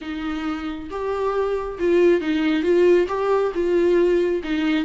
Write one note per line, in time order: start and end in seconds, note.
0.01 0.89 D#4
0.90 1.78 G4
1.79 2.20 F4
2.20 2.62 D#4
2.62 3.07 F4
3.08 3.52 G4
3.54 4.42 F4
4.43 4.84 D#4